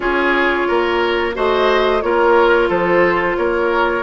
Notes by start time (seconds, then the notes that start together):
0.00 C#4 F4 G#4 C#5
0.68 A#3 A#4
1.34 A3 F#4 C5 D#5
2.01 A#3 F4 A#4 C#5
2.69 F3 A4 C5
3.37 A#3 A#4 C#5